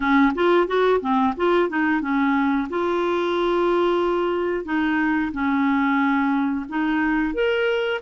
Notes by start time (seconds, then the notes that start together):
0.00 C#4
0.35 F4
0.67 F#4
1.00 C4
1.36 F4
1.69 D#4
2.01 C#4
2.69 F4
4.65 D#4
5.32 C#4
6.68 D#4
7.34 A#4